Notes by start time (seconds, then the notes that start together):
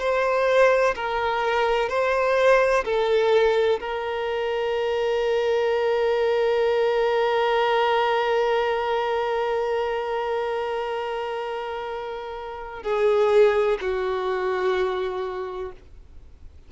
0.00 C5
0.96 A#4
1.89 C5
2.85 A4
3.81 A#4
12.84 G#4
13.81 F#4